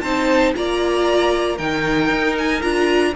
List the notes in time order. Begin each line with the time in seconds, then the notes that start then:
0.00 C4 D#4 C5 A5
0.55 A#3 F4 D5 A#5
1.56 D#3 D#4 A#4 G5
2.10 D#4
2.38 G#5
2.62 D4 F4 A#5